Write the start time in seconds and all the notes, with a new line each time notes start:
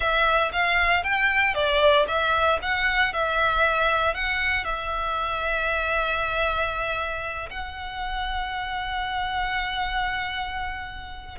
0.00 E5
0.52 F5
1.03 G5
1.54 D5
2.07 E5
2.61 F#5
3.13 E5
4.14 F#5
4.64 E5
7.50 F#5